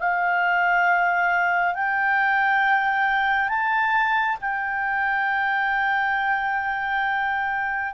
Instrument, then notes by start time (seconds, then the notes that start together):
clarinet
0.00 F5
1.75 G5
3.49 A5
4.41 G5